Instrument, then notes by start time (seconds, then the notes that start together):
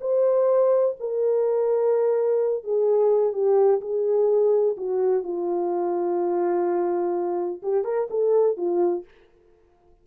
horn
0.00 C5
0.99 A#4
2.63 G#4
3.33 G4
3.81 G#4
4.77 F#4
5.23 F4
7.62 G4
7.84 A#4
8.10 A4
8.56 F4